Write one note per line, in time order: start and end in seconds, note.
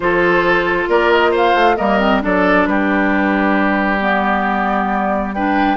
0.00 0.86 F3
0.00 1.78 F4
0.00 0.89 A4
0.00 0.87 C5
0.88 1.54 A#3
0.88 1.31 A#4
0.88 1.11 D5
1.11 1.33 D#5
1.31 1.75 C5
1.31 1.76 F5
1.54 1.77 A3
1.76 2.23 G3
1.76 1.99 A#3
1.76 2.22 A#4
1.76 2.20 D#5
1.99 2.21 C4
2.21 2.67 F#3
2.21 3.99 D4
2.21 2.68 A4
2.21 2.66 D5
2.66 5.77 G3
2.66 5.35 G4
2.66 3.99 B4
4.00 5.33 B3
4.00 5.34 D5
5.34 5.77 D4
5.34 5.77 B4
5.34 5.77 G5